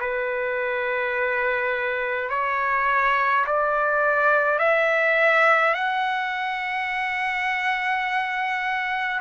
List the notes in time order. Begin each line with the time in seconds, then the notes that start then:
0.00 B4
2.30 C#5
3.46 D5
4.59 E5
5.74 F#5